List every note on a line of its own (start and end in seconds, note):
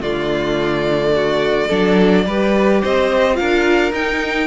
0.00 1.68 D3
0.00 1.70 A3
0.00 1.13 F4
0.00 2.83 D5
1.15 1.68 F#4
1.68 2.26 F#3
1.68 2.26 D4
1.68 2.24 A4
2.26 2.82 G3
2.26 3.34 G4
2.26 2.81 B4
2.81 3.41 C4
2.81 3.37 C5
2.81 3.36 D#5
3.34 3.90 F4
3.34 4.47 A#4
3.34 3.92 F5
3.41 3.92 D4
3.92 4.47 D#4
3.92 4.47 G5